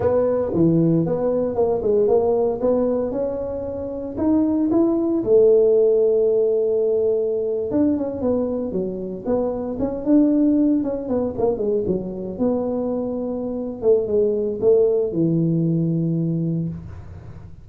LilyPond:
\new Staff \with { instrumentName = "tuba" } { \time 4/4 \tempo 4 = 115 b4 e4 b4 ais8 gis8 | ais4 b4 cis'2 | dis'4 e'4 a2~ | a2~ a8. d'8 cis'8 b16~ |
b8. fis4 b4 cis'8 d'8.~ | d'8. cis'8 b8 ais8 gis8 fis4 b16~ | b2~ b8 a8 gis4 | a4 e2. | }